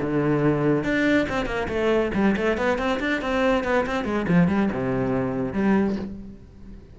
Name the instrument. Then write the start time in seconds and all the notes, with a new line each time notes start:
cello
0.00 D3
0.84 D4
1.28 C4
1.46 A#3
1.68 A3
2.14 G3
2.36 A3
2.57 B3
2.78 C4
3.00 D4
3.21 C4
3.64 B3
3.86 C4
4.04 G#3
4.28 F3
4.47 G3
4.72 C3
5.53 G3